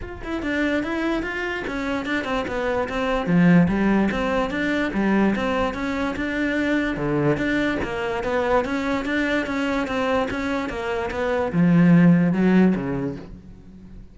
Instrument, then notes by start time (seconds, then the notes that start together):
cello
0.01 F4
0.23 E4
0.42 D4
0.83 E4
1.22 F4
1.67 C#4
2.05 D4
2.24 C4
2.47 B3
2.88 C4
3.26 F3
3.68 G3
4.11 C4
4.50 D4
4.93 G3
5.35 C4
5.74 C#4
6.16 D4
6.97 D3
7.37 D4
7.83 A#3
8.23 B3
8.64 C#4
9.05 D4
9.46 C#4
9.87 C4
10.30 C#4
10.69 A#3
11.11 B3
11.52 F3
12.32 F#3
12.75 C#3